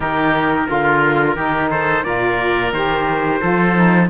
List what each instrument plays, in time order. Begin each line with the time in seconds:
0.00 cello D#3, saxophone D#4, oboe G4, trumpet A#4
0.67 cello D3, saxophone F4, oboe F4
1.35 cello D#3, saxophone D#4, oboe G4
1.70 oboe A4, trumpet C5
2.03 cello A#2, saxophone F4, oboe A#4, trumpet D5
2.72 cello D#3, saxophone G4, trumpet C5
3.40 cello F3, saxophone F4, oboe A4
3.74 saxophone D#4